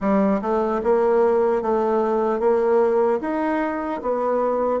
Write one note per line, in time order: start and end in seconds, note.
0.00 0.40 G3
0.41 0.81 A3
0.83 1.62 A#3
1.62 2.39 A3
2.39 3.19 A#3
3.20 4.00 D#4
4.02 4.80 B3